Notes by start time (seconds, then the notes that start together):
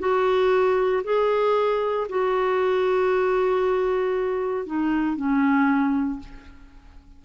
0.00 F#4
1.04 G#4
2.09 F#4
4.66 D#4
5.16 C#4